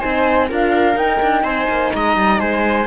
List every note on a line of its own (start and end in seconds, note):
0.00 0.51 C4
0.00 0.48 D#4
0.00 0.48 C5
0.00 0.48 G#5
0.49 0.96 D4
0.49 0.96 F4
0.49 1.43 A#4
0.49 0.98 F5
0.96 1.19 D#4
0.96 2.87 D#4
0.96 1.44 G5
1.22 1.44 D4
1.43 1.67 C4
1.43 1.91 C5
1.43 1.92 G#5
1.68 1.92 A#3
1.95 2.17 G#3
1.95 2.40 D#5
1.95 2.40 A#5
2.17 2.40 G3
2.40 2.87 G#3
2.40 2.87 C5
2.40 2.87 G#5